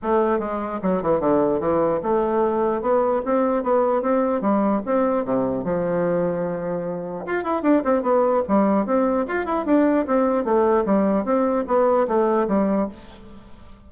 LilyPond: \new Staff \with { instrumentName = "bassoon" } { \time 4/4 \tempo 4 = 149 a4 gis4 fis8 e8 d4 | e4 a2 b4 | c'4 b4 c'4 g4 | c'4 c4 f2~ |
f2 f'8 e'8 d'8 c'8 | b4 g4 c'4 f'8 e'8 | d'4 c'4 a4 g4 | c'4 b4 a4 g4 | }